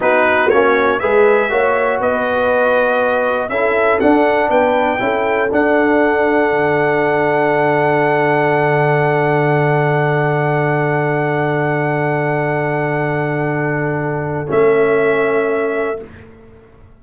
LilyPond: <<
  \new Staff \with { instrumentName = "trumpet" } { \time 4/4 \tempo 4 = 120 b'4 cis''4 e''2 | dis''2. e''4 | fis''4 g''2 fis''4~ | fis''1~ |
fis''1~ | fis''1~ | fis''1~ | fis''4 e''2. | }
  \new Staff \with { instrumentName = "horn" } { \time 4/4 fis'2 b'4 cis''4 | b'2. a'4~ | a'4 b'4 a'2~ | a'1~ |
a'1~ | a'1~ | a'1~ | a'1 | }
  \new Staff \with { instrumentName = "trombone" } { \time 4/4 dis'4 cis'4 gis'4 fis'4~ | fis'2. e'4 | d'2 e'4 d'4~ | d'1~ |
d'1~ | d'1~ | d'1~ | d'4 cis'2. | }
  \new Staff \with { instrumentName = "tuba" } { \time 4/4 b4 ais4 gis4 ais4 | b2. cis'4 | d'4 b4 cis'4 d'4~ | d'4 d2.~ |
d1~ | d1~ | d1~ | d4 a2. | }
>>